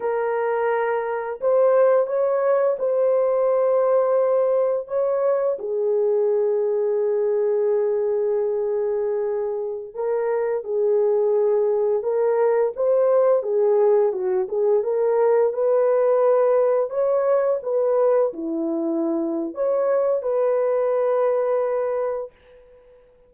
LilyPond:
\new Staff \with { instrumentName = "horn" } { \time 4/4 \tempo 4 = 86 ais'2 c''4 cis''4 | c''2. cis''4 | gis'1~ | gis'2~ gis'16 ais'4 gis'8.~ |
gis'4~ gis'16 ais'4 c''4 gis'8.~ | gis'16 fis'8 gis'8 ais'4 b'4.~ b'16~ | b'16 cis''4 b'4 e'4.~ e'16 | cis''4 b'2. | }